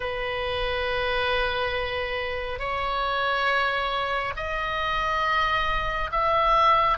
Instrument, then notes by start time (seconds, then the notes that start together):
oboe
0.00 B4
2.59 C#5
4.36 D#5
6.11 E5